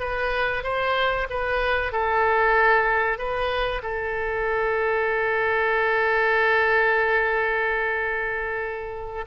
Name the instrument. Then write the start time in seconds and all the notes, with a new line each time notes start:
oboe
0.00 B4
0.64 C5
1.30 B4
1.92 A4
3.18 B4
3.83 A4